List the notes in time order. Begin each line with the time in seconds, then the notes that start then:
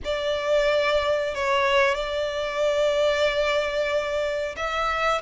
0.04 D5
1.34 C#5
1.94 D5
4.56 E5